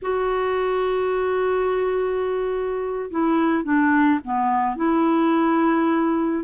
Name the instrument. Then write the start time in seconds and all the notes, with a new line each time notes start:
clarinet
0.02 F#4
3.10 E4
3.63 D4
4.24 B3
4.76 E4